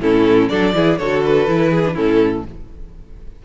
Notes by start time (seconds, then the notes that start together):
0.00 A2 C#4 E4 A4
0.49 F#3 D4 A4 D5
0.74 E3 E4 G#4
0.98 D3 F#4 A4 C#5
1.25 B4
1.48 E3 E4
1.71 G#4
1.86 D4
1.94 A2 C#4 E4 A4